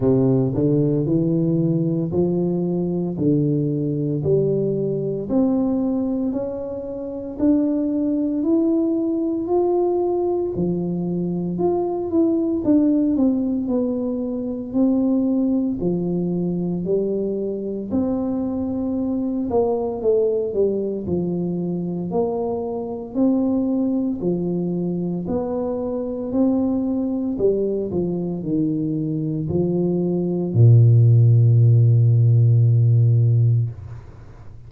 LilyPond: \new Staff \with { instrumentName = "tuba" } { \time 4/4 \tempo 4 = 57 c8 d8 e4 f4 d4 | g4 c'4 cis'4 d'4 | e'4 f'4 f4 f'8 e'8 | d'8 c'8 b4 c'4 f4 |
g4 c'4. ais8 a8 g8 | f4 ais4 c'4 f4 | b4 c'4 g8 f8 dis4 | f4 ais,2. | }